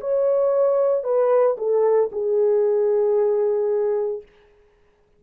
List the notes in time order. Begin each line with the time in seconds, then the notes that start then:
0.00 C#5
1.03 B4
1.57 A4
2.12 G#4